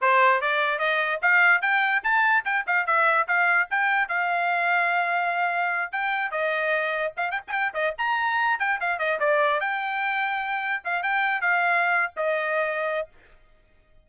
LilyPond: \new Staff \with { instrumentName = "trumpet" } { \time 4/4 \tempo 4 = 147 c''4 d''4 dis''4 f''4 | g''4 a''4 g''8 f''8 e''4 | f''4 g''4 f''2~ | f''2~ f''8 g''4 dis''8~ |
dis''4. f''8 g''16 gis''16 g''8 dis''8 ais''8~ | ais''4 g''8 f''8 dis''8 d''4 g''8~ | g''2~ g''8 f''8 g''4 | f''4.~ f''16 dis''2~ dis''16 | }